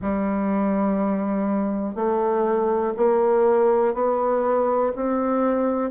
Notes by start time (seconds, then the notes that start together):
0.01 G3
1.95 A3
2.96 A#3
3.93 B3
4.95 C4